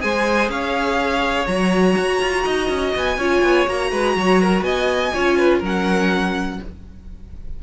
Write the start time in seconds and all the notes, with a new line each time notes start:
0.00 G#3 G#4 C5 G#5
0.49 C#4 C#5 F5
1.46 F#3 F#4 A#5
1.97 F#4
2.21 F4
2.44 D#4 D#5
2.69 C#4
2.96 B3 G#5
3.17 C#4 F4 C#5
3.42 B3
3.66 A#3 F#4 A#5
3.91 G#3 B4
4.16 F#3 C#5
4.42 A#4
4.62 B3 D#5 G#5
5.14 C#4 F4 C#5
5.38 B4
5.59 F#3 C#4 A#4
5.65 F#5